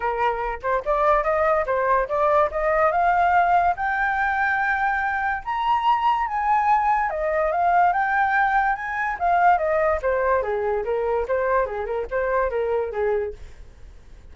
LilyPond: \new Staff \with { instrumentName = "flute" } { \time 4/4 \tempo 4 = 144 ais'4. c''8 d''4 dis''4 | c''4 d''4 dis''4 f''4~ | f''4 g''2.~ | g''4 ais''2 gis''4~ |
gis''4 dis''4 f''4 g''4~ | g''4 gis''4 f''4 dis''4 | c''4 gis'4 ais'4 c''4 | gis'8 ais'8 c''4 ais'4 gis'4 | }